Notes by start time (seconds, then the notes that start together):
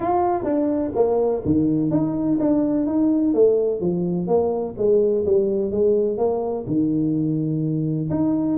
0.00 F4
0.44 D4
0.95 A#3
1.45 D#3
1.90 D#4
2.39 D4
2.86 D#4
3.33 A3
3.80 F3
4.27 A#3
4.77 G#3
5.25 G3
5.71 G#3
6.17 A#3
6.66 D#3
8.10 D#4